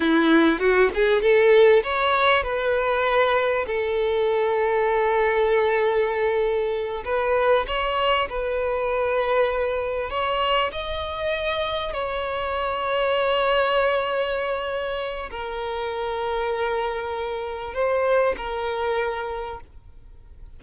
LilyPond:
\new Staff \with { instrumentName = "violin" } { \time 4/4 \tempo 4 = 98 e'4 fis'8 gis'8 a'4 cis''4 | b'2 a'2~ | a'2.~ a'8 b'8~ | b'8 cis''4 b'2~ b'8~ |
b'8 cis''4 dis''2 cis''8~ | cis''1~ | cis''4 ais'2.~ | ais'4 c''4 ais'2 | }